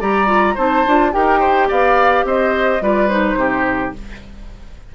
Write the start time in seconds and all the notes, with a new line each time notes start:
0.00 G3 G4 D5 A#5
0.26 F4
0.54 C4 D#4 C5 A5
0.86 D4 F4
1.12 D#4 G4 A#4 G5
1.39 C5
1.68 B3 D5 F5
2.24 C4 C5 D#5
2.80 G3 F4 B4 D5
3.08 D#4 C5
3.35 C3 G4